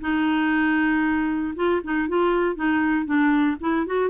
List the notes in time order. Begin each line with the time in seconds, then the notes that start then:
0.00 D#4
1.55 F4
1.83 D#4
2.08 F4
2.55 D#4
3.05 D4
3.60 E4
3.86 F#4